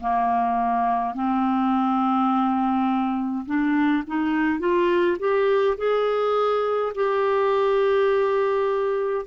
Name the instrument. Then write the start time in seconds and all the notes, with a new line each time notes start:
clarinet
0.00 A#3
1.14 C4
3.46 D4
4.07 D#4
4.59 F4
5.19 G4
5.77 G#4
6.95 G4